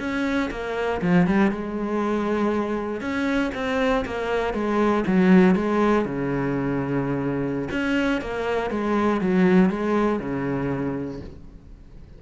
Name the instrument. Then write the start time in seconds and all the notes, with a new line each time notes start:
cello
0.00 C#4
0.51 A#3
1.02 F3
1.27 G3
1.51 G#3
3.01 C#4
3.55 C4
4.06 A#3
4.54 G#3
5.07 F#3
5.56 G#3
6.05 C#3
7.71 C#4
8.22 A#3
8.71 G#3
9.21 F#3
9.70 G#3
10.20 C#3